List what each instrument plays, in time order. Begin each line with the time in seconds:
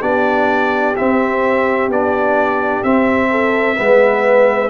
0.00 tuba B3, trombone D4, horn G4, trumpet D5
0.96 trombone C4, tuba C4, trumpet E5
1.88 tuba B3, trombone D4, trumpet D5
2.83 tuba C4, trombone C4, trumpet E5
3.31 horn A4
3.76 tuba G#3, trombone B3, horn B4